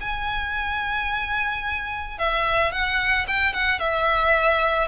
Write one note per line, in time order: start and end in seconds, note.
0.00 2.18 G#5
2.18 2.72 E5
2.72 3.26 F#5
3.28 3.53 G5
3.53 3.79 F#5
3.79 4.87 E5